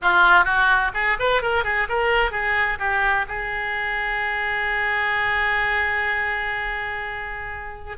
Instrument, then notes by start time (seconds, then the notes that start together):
oboe
0.02 F4
0.45 F#4
0.94 G#4
1.19 B4
1.42 A#4
1.64 G#4
1.88 A#4
2.31 G#4
2.78 G4
3.28 G#4